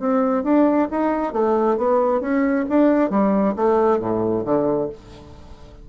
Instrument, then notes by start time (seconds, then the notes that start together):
bassoon
0.00 C4
0.44 D4
0.91 D#4
1.33 A3
1.78 B3
2.21 C#4
2.69 D4
3.10 G3
3.56 A3
4.00 A2
4.45 D3